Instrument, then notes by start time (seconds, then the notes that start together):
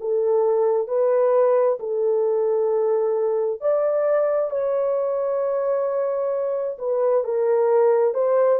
horn
0.00 A4
0.88 B4
1.80 A4
3.61 D5
4.50 C#5
6.79 B4
7.24 A#4
8.14 C5